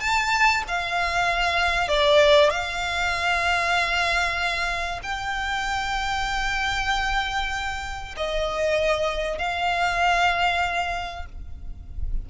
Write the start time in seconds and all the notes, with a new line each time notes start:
0.00 A5
0.68 F5
1.88 D5
2.50 F5
5.03 G5
8.16 D#5
9.38 F5